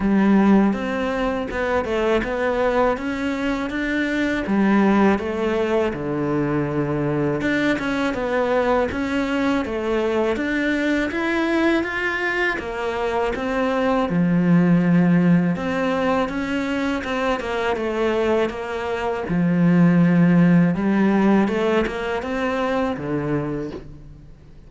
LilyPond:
\new Staff \with { instrumentName = "cello" } { \time 4/4 \tempo 4 = 81 g4 c'4 b8 a8 b4 | cis'4 d'4 g4 a4 | d2 d'8 cis'8 b4 | cis'4 a4 d'4 e'4 |
f'4 ais4 c'4 f4~ | f4 c'4 cis'4 c'8 ais8 | a4 ais4 f2 | g4 a8 ais8 c'4 d4 | }